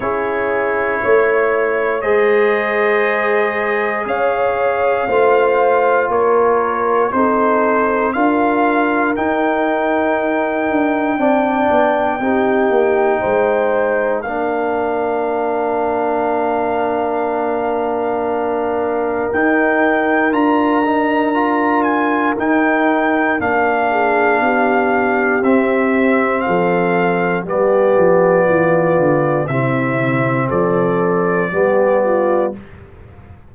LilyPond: <<
  \new Staff \with { instrumentName = "trumpet" } { \time 4/4 \tempo 4 = 59 cis''2 dis''2 | f''2 cis''4 c''4 | f''4 g''2.~ | g''2 f''2~ |
f''2. g''4 | ais''4. gis''8 g''4 f''4~ | f''4 e''4 f''4 d''4~ | d''4 e''4 d''2 | }
  \new Staff \with { instrumentName = "horn" } { \time 4/4 gis'4 cis''4 c''2 | cis''4 c''4 ais'4 a'4 | ais'2. d''4 | g'4 c''4 ais'2~ |
ais'1~ | ais'2.~ ais'8 gis'8 | g'2 a'4 g'4 | f'4 e'4 a'4 g'8 f'8 | }
  \new Staff \with { instrumentName = "trombone" } { \time 4/4 e'2 gis'2~ | gis'4 f'2 dis'4 | f'4 dis'2 d'4 | dis'2 d'2~ |
d'2. dis'4 | f'8 dis'8 f'4 dis'4 d'4~ | d'4 c'2 b4~ | b4 c'2 b4 | }
  \new Staff \with { instrumentName = "tuba" } { \time 4/4 cis'4 a4 gis2 | cis'4 a4 ais4 c'4 | d'4 dis'4. d'8 c'8 b8 | c'8 ais8 gis4 ais2~ |
ais2. dis'4 | d'2 dis'4 ais4 | b4 c'4 f4 g8 f8 | e8 d8 c4 f4 g4 | }
>>